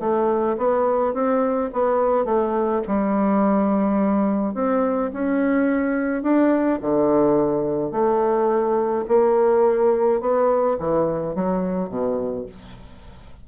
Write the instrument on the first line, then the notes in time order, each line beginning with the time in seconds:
bassoon
0.00 A3
0.58 B3
1.14 C4
1.73 B3
2.25 A3
2.87 G3
4.54 C4
5.13 C#4
6.23 D4
6.82 D3
7.91 A3
9.08 A#3
10.21 B3
10.79 E3
11.35 F#3
11.89 B2